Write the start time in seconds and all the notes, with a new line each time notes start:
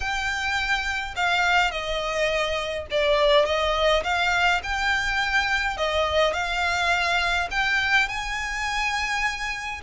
0.00 G5
1.16 F5
1.71 D#5
2.90 D5
3.45 D#5
4.03 F5
4.63 G5
5.77 D#5
6.33 F5
7.50 G5
8.08 G#5